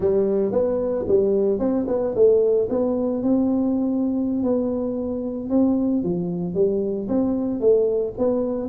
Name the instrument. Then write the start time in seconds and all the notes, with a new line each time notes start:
tuba
0.00 G3
0.52 B3
1.07 G3
1.59 C4
1.87 B3
2.15 A3
2.69 B3
3.22 C4
4.43 B3
5.49 C4
6.03 F3
6.54 G3
7.08 C4
7.60 A3
8.17 B3